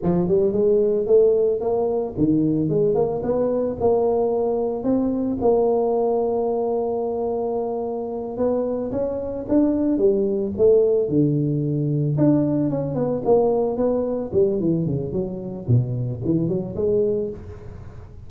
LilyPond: \new Staff \with { instrumentName = "tuba" } { \time 4/4 \tempo 4 = 111 f8 g8 gis4 a4 ais4 | dis4 gis8 ais8 b4 ais4~ | ais4 c'4 ais2~ | ais2.~ ais8 b8~ |
b8 cis'4 d'4 g4 a8~ | a8 d2 d'4 cis'8 | b8 ais4 b4 g8 e8 cis8 | fis4 b,4 e8 fis8 gis4 | }